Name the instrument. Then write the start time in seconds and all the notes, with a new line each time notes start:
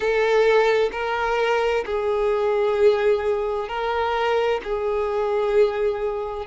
violin
0.00 A4
0.91 A#4
1.85 G#4
3.68 A#4
4.63 G#4